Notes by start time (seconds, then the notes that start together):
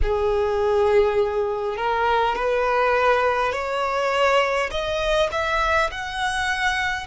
0.02 G#4
1.76 A#4
2.35 B4
3.52 C#5
4.71 D#5
5.31 E5
5.91 F#5